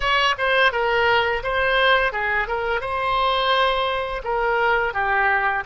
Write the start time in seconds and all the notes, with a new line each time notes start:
0.00 C#5
0.38 C5
0.72 A#4
1.43 C5
2.12 G#4
2.47 A#4
2.80 C5
4.24 A#4
4.93 G4